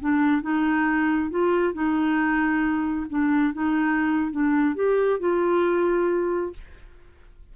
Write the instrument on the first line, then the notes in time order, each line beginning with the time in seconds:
clarinet
0.00 D4
0.42 D#4
1.31 F4
1.74 D#4
3.10 D4
3.54 D#4
4.32 D4
4.76 G4
5.20 F4